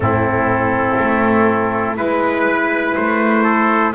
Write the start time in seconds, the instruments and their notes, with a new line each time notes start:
0.00 double bass A2, saxophone C4, trumpet E4 A4
0.99 double bass A3
1.95 double bass G#3, saxophone E4, trumpet B4
2.95 double bass A3, trumpet C5
3.43 trumpet A4